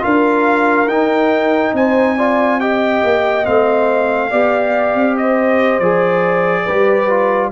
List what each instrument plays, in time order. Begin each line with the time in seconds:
0.00 tuba D4, trombone F4, horn A#4, trumpet F5
0.86 tuba D#4, trombone D#4, trumpet G5
1.73 tuba C4, horn C5, trumpet G#5
2.17 trombone F4, horn D5
2.60 trombone G4, horn D#5, trumpet G5
3.03 tuba A#3
3.44 tuba A3, trombone C4, trumpet F5
4.30 tuba B3, trombone G4, horn D5
4.94 tuba C4
5.17 horn C5, trumpet D#5
5.79 tuba F3, trombone G#4, trumpet D5
6.64 tuba G3, trombone G4, horn B4
7.09 trombone F4